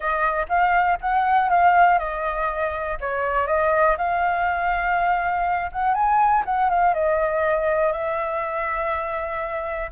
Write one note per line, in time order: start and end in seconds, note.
0.00 0.46 D#5
0.48 0.98 F5
1.00 1.49 F#5
1.49 1.98 F5
1.98 2.98 D#5
3.00 3.46 C#5
3.46 3.96 D#5
3.97 5.70 F5
5.72 5.94 F#5
5.94 6.43 G#5
6.45 6.69 F#5
6.69 6.94 F5
6.94 7.92 D#5
7.92 9.90 E5